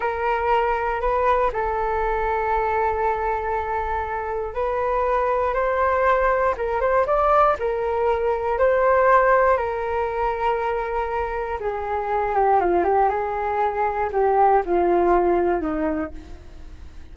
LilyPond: \new Staff \with { instrumentName = "flute" } { \time 4/4 \tempo 4 = 119 ais'2 b'4 a'4~ | a'1~ | a'4 b'2 c''4~ | c''4 ais'8 c''8 d''4 ais'4~ |
ais'4 c''2 ais'4~ | ais'2. gis'4~ | gis'8 g'8 f'8 g'8 gis'2 | g'4 f'2 dis'4 | }